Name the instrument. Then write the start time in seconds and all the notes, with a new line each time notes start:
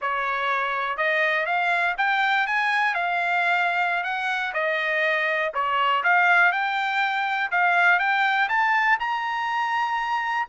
trumpet
0.01 C#5
0.97 D#5
1.46 F5
1.97 G5
2.47 G#5
2.94 F5
4.03 F#5
4.53 D#5
5.54 C#5
6.03 F5
6.52 G5
7.51 F5
7.99 G5
8.48 A5
8.99 A#5